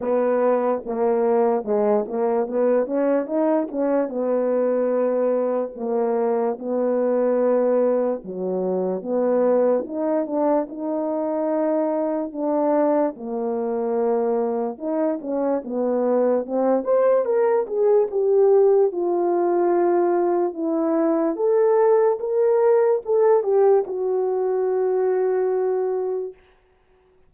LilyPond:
\new Staff \with { instrumentName = "horn" } { \time 4/4 \tempo 4 = 73 b4 ais4 gis8 ais8 b8 cis'8 | dis'8 cis'8 b2 ais4 | b2 fis4 b4 | dis'8 d'8 dis'2 d'4 |
ais2 dis'8 cis'8 b4 | c'8 c''8 ais'8 gis'8 g'4 f'4~ | f'4 e'4 a'4 ais'4 | a'8 g'8 fis'2. | }